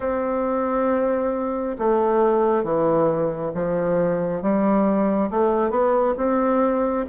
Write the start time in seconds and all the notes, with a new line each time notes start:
0.00 C4
1.78 A3
2.63 E3
3.54 F3
4.42 G3
5.30 A3
5.70 B3
6.17 C4